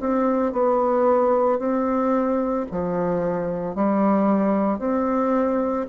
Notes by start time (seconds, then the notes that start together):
0.00 C4
0.53 B3
1.59 C4
2.71 F3
3.75 G3
4.79 C4